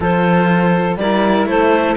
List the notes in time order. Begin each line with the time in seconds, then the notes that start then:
0.00 F3 F4 A4 C5
0.96 G3 A#4 D5
1.02 E4
1.46 A3 A4 C5